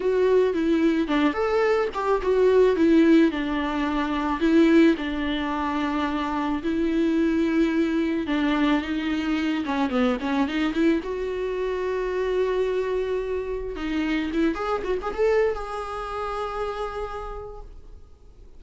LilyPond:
\new Staff \with { instrumentName = "viola" } { \time 4/4 \tempo 4 = 109 fis'4 e'4 d'8 a'4 g'8 | fis'4 e'4 d'2 | e'4 d'2. | e'2. d'4 |
dis'4. cis'8 b8 cis'8 dis'8 e'8 | fis'1~ | fis'4 dis'4 e'8 gis'8 fis'16 gis'16 a'8~ | a'16 gis'2.~ gis'8. | }